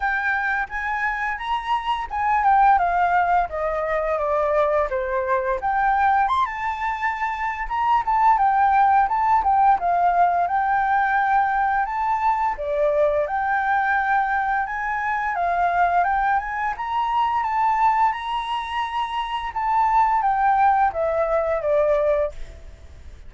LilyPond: \new Staff \with { instrumentName = "flute" } { \time 4/4 \tempo 4 = 86 g''4 gis''4 ais''4 gis''8 g''8 | f''4 dis''4 d''4 c''4 | g''4 c'''16 a''4.~ a''16 ais''8 a''8 | g''4 a''8 g''8 f''4 g''4~ |
g''4 a''4 d''4 g''4~ | g''4 gis''4 f''4 g''8 gis''8 | ais''4 a''4 ais''2 | a''4 g''4 e''4 d''4 | }